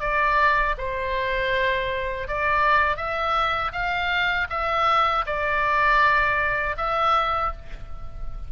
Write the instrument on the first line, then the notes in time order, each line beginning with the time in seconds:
oboe
0.00 D5
0.78 C5
2.27 D5
2.96 E5
3.72 F5
4.49 E5
5.26 D5
6.77 E5